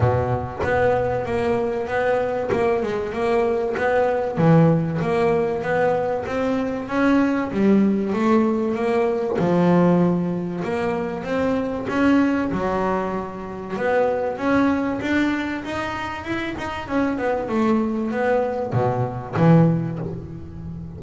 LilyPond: \new Staff \with { instrumentName = "double bass" } { \time 4/4 \tempo 4 = 96 b,4 b4 ais4 b4 | ais8 gis8 ais4 b4 e4 | ais4 b4 c'4 cis'4 | g4 a4 ais4 f4~ |
f4 ais4 c'4 cis'4 | fis2 b4 cis'4 | d'4 dis'4 e'8 dis'8 cis'8 b8 | a4 b4 b,4 e4 | }